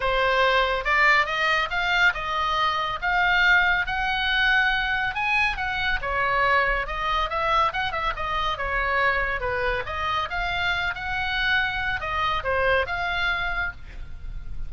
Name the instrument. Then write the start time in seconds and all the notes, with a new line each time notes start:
oboe
0.00 C5
0.84 D5
1.25 D#5
1.70 F5
2.14 D#5
3.01 F5
3.86 F#5
5.14 G#5
5.56 F#5
6.01 C#5
6.86 D#5
7.29 E5
7.72 F#5
7.91 E5
8.16 D#5
8.57 C#5
9.40 B4
9.86 D#5
10.30 F5
10.94 F#5
12.00 D#5
12.43 C5
12.86 F5